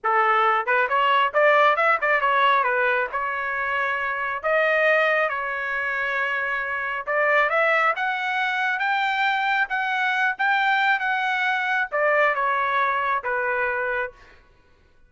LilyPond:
\new Staff \with { instrumentName = "trumpet" } { \time 4/4 \tempo 4 = 136 a'4. b'8 cis''4 d''4 | e''8 d''8 cis''4 b'4 cis''4~ | cis''2 dis''2 | cis''1 |
d''4 e''4 fis''2 | g''2 fis''4. g''8~ | g''4 fis''2 d''4 | cis''2 b'2 | }